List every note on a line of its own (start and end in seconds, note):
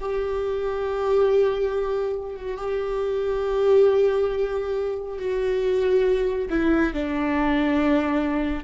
0.00 2.36 G4
2.36 2.57 F#4
2.57 5.18 G4
5.19 6.49 F#4
6.50 6.94 E4
6.94 8.64 D4